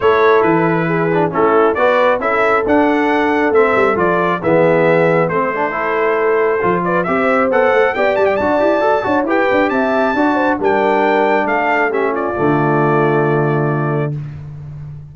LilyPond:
<<
  \new Staff \with { instrumentName = "trumpet" } { \time 4/4 \tempo 4 = 136 cis''4 b'2 a'4 | d''4 e''4 fis''2 | e''4 d''4 e''2 | c''2.~ c''8 d''8 |
e''4 fis''4 g''8 a''16 g''16 a''4~ | a''4 g''4 a''2 | g''2 f''4 e''8 d''8~ | d''1 | }
  \new Staff \with { instrumentName = "horn" } { \time 4/4 a'2 gis'4 e'4 | b'4 a'2.~ | a'2 gis'2 | a'2.~ a'8 b'8 |
c''2 d''2~ | d''8 cis''8 b'4 e''4 d''8 c''8 | ais'2 a'4 g'8 f'8~ | f'1 | }
  \new Staff \with { instrumentName = "trombone" } { \time 4/4 e'2~ e'8 d'8 cis'4 | fis'4 e'4 d'2 | c'4 f'4 b2 | c'8 d'8 e'2 f'4 |
g'4 a'4 g'4 fis'8 g'8 | a'8 fis'8 g'2 fis'4 | d'2. cis'4 | a1 | }
  \new Staff \with { instrumentName = "tuba" } { \time 4/4 a4 e2 a4 | b4 cis'4 d'2 | a8 g8 f4 e2 | a2. f4 |
c'4 b8 a8 b8 g8 d'8 e'8 | fis'8 d'8 e'8 d'8 c'4 d'4 | g2 a2 | d1 | }
>>